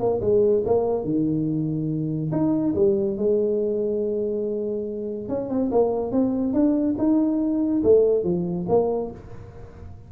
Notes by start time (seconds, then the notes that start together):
0.00 A#3
0.21 G#3
0.66 A#3
1.04 D#3
2.32 D#4
2.75 G3
3.18 G#3
5.29 C#4
5.50 C4
5.72 A#3
6.12 C4
6.54 D4
6.99 D#4
7.84 A3
8.24 F3
8.69 A#3